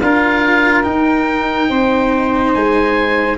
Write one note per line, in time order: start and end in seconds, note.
0.00 0.85 D4
0.00 0.83 F4
0.00 1.68 A#4
0.00 0.83 F5
0.83 3.37 D#4
0.83 1.69 D#4
0.83 2.52 G5
1.68 2.54 C4
1.68 3.37 C5
2.54 3.38 G#3
2.54 3.38 G#5